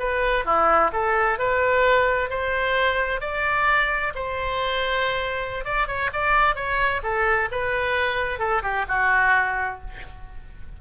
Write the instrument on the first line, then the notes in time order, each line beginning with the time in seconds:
oboe
0.00 B4
0.45 E4
0.93 A4
1.39 B4
2.30 C5
3.21 D5
4.15 C5
5.65 D5
5.88 C#5
6.13 D5
6.56 C#5
7.03 A4
7.52 B4
8.39 A4
8.63 G4
8.89 F#4